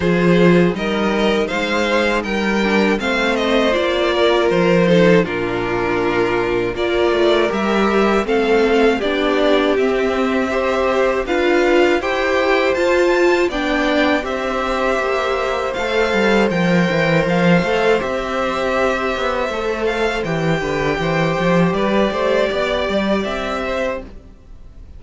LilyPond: <<
  \new Staff \with { instrumentName = "violin" } { \time 4/4 \tempo 4 = 80 c''4 dis''4 f''4 g''4 | f''8 dis''8 d''4 c''4 ais'4~ | ais'4 d''4 e''4 f''4 | d''4 e''2 f''4 |
g''4 a''4 g''4 e''4~ | e''4 f''4 g''4 f''4 | e''2~ e''8 f''8 g''4~ | g''4 d''2 e''4 | }
  \new Staff \with { instrumentName = "violin" } { \time 4/4 gis'4 ais'4 c''4 ais'4 | c''4. ais'4 a'8 f'4~ | f'4 ais'2 a'4 | g'2 c''4 b'4 |
c''2 d''4 c''4~ | c''1~ | c''2.~ c''8 b'8 | c''4 b'8 c''8 d''4. c''8 | }
  \new Staff \with { instrumentName = "viola" } { \time 4/4 f'4 dis'2~ dis'8 d'8 | c'4 f'4. dis'8 d'4~ | d'4 f'4 g'4 c'4 | d'4 c'4 g'4 f'4 |
g'4 f'4 d'4 g'4~ | g'4 a'4 ais'4. a'8 | g'2 a'4 g'4~ | g'1 | }
  \new Staff \with { instrumentName = "cello" } { \time 4/4 f4 g4 gis4 g4 | a4 ais4 f4 ais,4~ | ais,4 ais8 a8 g4 a4 | b4 c'2 d'4 |
e'4 f'4 b4 c'4 | ais4 a8 g8 f8 e8 f8 a8 | c'4. b8 a4 e8 d8 | e8 f8 g8 a8 b8 g8 c'4 | }
>>